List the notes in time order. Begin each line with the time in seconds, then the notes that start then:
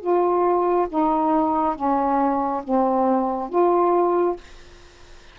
0.00 F4
0.89 D#4
1.75 C#4
2.63 C4
3.49 F4